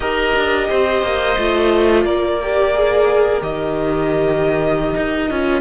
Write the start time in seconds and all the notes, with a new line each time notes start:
0.00 D#4 G4 A#4 D#5
0.35 D4
0.69 C4 C5
1.02 A#3
1.37 A3 F4
2.04 A#3 A#4 D5
2.42 G4
2.74 G#4
3.40 D#3 G4 D#5
4.96 D#4
5.30 C#4 F4